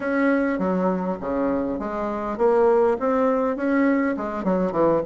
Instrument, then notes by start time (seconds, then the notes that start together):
bassoon
0.00 C#4
0.58 F#3
1.20 C#3
1.79 G#3
2.37 A#3
2.99 C4
3.56 C#4
4.16 G#3
4.43 F#3
4.72 E3